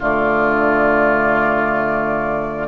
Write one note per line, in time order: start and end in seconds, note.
0.00 2.68 D3
0.00 2.68 A3
0.00 2.68 F4
0.00 2.68 D5